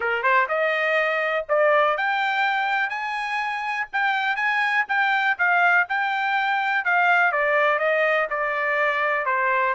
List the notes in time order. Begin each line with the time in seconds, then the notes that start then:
0.00 A#4
0.22 C5
0.48 D#5
1.48 D5
1.97 G5
2.89 G#5
3.92 G5
4.35 G#5
4.88 G5
5.38 F5
5.88 G5
6.84 F5
7.31 D5
7.78 D#5
8.29 D5
9.25 C5